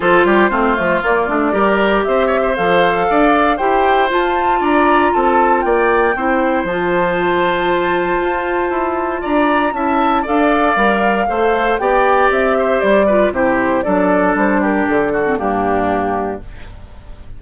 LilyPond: <<
  \new Staff \with { instrumentName = "flute" } { \time 4/4 \tempo 4 = 117 c''2 d''2 | e''4 f''2 g''4 | a''4 ais''4 a''4 g''4~ | g''4 a''2.~ |
a''2 ais''4 a''4 | f''2. g''4 | e''4 d''4 c''4 d''4 | c''8 ais'8 a'4 g'2 | }
  \new Staff \with { instrumentName = "oboe" } { \time 4/4 a'8 g'8 f'2 ais'4 | c''8 cis''16 c''4~ c''16 d''4 c''4~ | c''4 d''4 a'4 d''4 | c''1~ |
c''2 d''4 e''4 | d''2 c''4 d''4~ | d''8 c''4 b'8 g'4 a'4~ | a'8 g'4 fis'8 d'2 | }
  \new Staff \with { instrumentName = "clarinet" } { \time 4/4 f'4 c'8 a8 ais8 d'8 g'4~ | g'4 a'2 g'4 | f'1 | e'4 f'2.~ |
f'2. e'4 | a'4 ais'4 a'4 g'4~ | g'4. f'8 e'4 d'4~ | d'4.~ d'16 c'16 ais2 | }
  \new Staff \with { instrumentName = "bassoon" } { \time 4/4 f8 g8 a8 f8 ais8 a8 g4 | c'4 f4 d'4 e'4 | f'4 d'4 c'4 ais4 | c'4 f2. |
f'4 e'4 d'4 cis'4 | d'4 g4 a4 b4 | c'4 g4 c4 fis4 | g4 d4 g,2 | }
>>